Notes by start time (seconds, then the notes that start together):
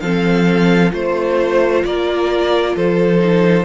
0.00 F3 C4 A4 F5
0.90 A3 F4 C5
1.84 A#3 A#4 D5
2.76 F3 A4 C5
3.18 D#4